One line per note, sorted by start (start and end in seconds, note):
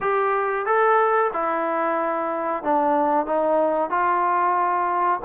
0.00 0.66 G4
0.66 1.31 A4
1.33 2.63 E4
2.63 3.25 D4
3.25 3.90 D#4
3.90 5.20 F4